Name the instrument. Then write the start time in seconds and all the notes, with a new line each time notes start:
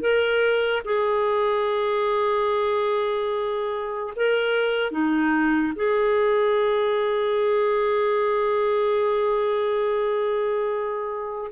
clarinet
0.00 A#4
0.85 G#4
4.16 A#4
4.91 D#4
5.76 G#4